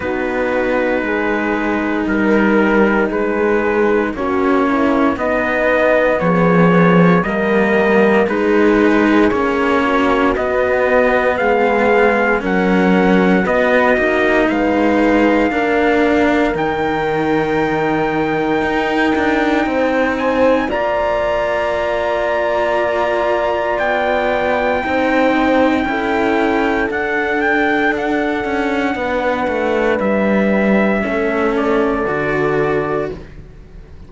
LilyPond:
<<
  \new Staff \with { instrumentName = "trumpet" } { \time 4/4 \tempo 4 = 58 b'2 ais'4 b'4 | cis''4 dis''4 cis''4 dis''4 | b'4 cis''4 dis''4 f''4 | fis''4 dis''4 f''2 |
g''2.~ g''8 gis''8 | ais''2. g''4~ | g''2 fis''8 g''8 fis''4~ | fis''4 e''4. d''4. | }
  \new Staff \with { instrumentName = "horn" } { \time 4/4 fis'4 gis'4 ais'4 gis'4 | fis'8 e'8 dis'4 gis'4 ais'4 | gis'4. fis'4. gis'4 | ais'4 fis'4 b'4 ais'4~ |
ais'2. c''4 | d''1 | c''4 a'2. | b'2 a'2 | }
  \new Staff \with { instrumentName = "cello" } { \time 4/4 dis'1 | cis'4 b2 ais4 | dis'4 cis'4 b2 | cis'4 b8 dis'4. d'4 |
dis'1 | f'1 | dis'4 e'4 d'2~ | d'2 cis'4 fis'4 | }
  \new Staff \with { instrumentName = "cello" } { \time 4/4 b4 gis4 g4 gis4 | ais4 b4 f4 g4 | gis4 ais4 b4 gis4 | fis4 b8 ais8 gis4 ais4 |
dis2 dis'8 d'8 c'4 | ais2. b4 | c'4 cis'4 d'4. cis'8 | b8 a8 g4 a4 d4 | }
>>